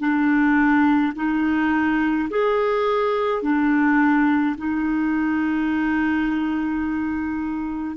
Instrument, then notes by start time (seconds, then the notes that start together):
clarinet
0.00 D4
1.16 D#4
2.31 G#4
3.43 D4
4.58 D#4